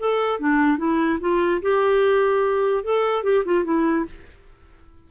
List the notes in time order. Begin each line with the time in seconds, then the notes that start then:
0.00 A4
0.40 D4
0.78 E4
1.20 F4
1.62 G4
2.84 A4
3.24 G4
3.46 F4
3.65 E4